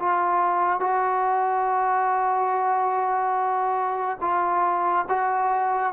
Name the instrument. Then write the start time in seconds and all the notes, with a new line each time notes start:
trombone
0.00 F4
0.80 F#4
4.21 F4
5.09 F#4